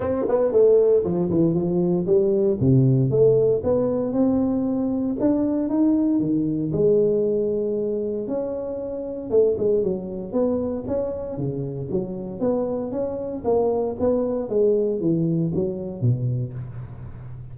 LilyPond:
\new Staff \with { instrumentName = "tuba" } { \time 4/4 \tempo 4 = 116 c'8 b8 a4 f8 e8 f4 | g4 c4 a4 b4 | c'2 d'4 dis'4 | dis4 gis2. |
cis'2 a8 gis8 fis4 | b4 cis'4 cis4 fis4 | b4 cis'4 ais4 b4 | gis4 e4 fis4 b,4 | }